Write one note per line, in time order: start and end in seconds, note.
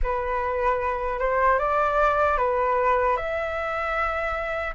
0.02 1.19 B4
1.19 1.58 C5
1.59 2.37 D5
2.37 3.16 B4
3.16 4.74 E5